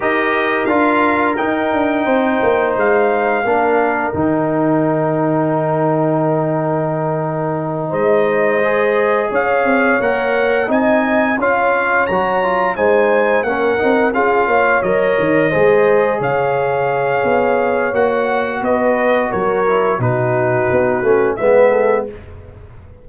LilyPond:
<<
  \new Staff \with { instrumentName = "trumpet" } { \time 4/4 \tempo 4 = 87 dis''4 f''4 g''2 | f''2 g''2~ | g''2.~ g''8 dis''8~ | dis''4. f''4 fis''4 gis''8~ |
gis''8 f''4 ais''4 gis''4 fis''8~ | fis''8 f''4 dis''2 f''8~ | f''2 fis''4 dis''4 | cis''4 b'2 e''4 | }
  \new Staff \with { instrumentName = "horn" } { \time 4/4 ais'2. c''4~ | c''4 ais'2.~ | ais'2.~ ais'8 c''8~ | c''4. cis''2 dis''8~ |
dis''8 cis''2 c''4 ais'8~ | ais'8 gis'8 cis''4. c''4 cis''8~ | cis''2. b'4 | ais'4 fis'2 b'8 a'8 | }
  \new Staff \with { instrumentName = "trombone" } { \time 4/4 g'4 f'4 dis'2~ | dis'4 d'4 dis'2~ | dis'1~ | dis'8 gis'2 ais'4 dis'8~ |
dis'8 f'4 fis'8 f'8 dis'4 cis'8 | dis'8 f'4 ais'4 gis'4.~ | gis'2 fis'2~ | fis'8 e'8 dis'4. cis'8 b4 | }
  \new Staff \with { instrumentName = "tuba" } { \time 4/4 dis'4 d'4 dis'8 d'8 c'8 ais8 | gis4 ais4 dis2~ | dis2.~ dis8 gis8~ | gis4. cis'8 c'8 ais4 c'8~ |
c'8 cis'4 fis4 gis4 ais8 | c'8 cis'8 ais8 fis8 dis8 gis4 cis8~ | cis4 b4 ais4 b4 | fis4 b,4 b8 a8 gis4 | }
>>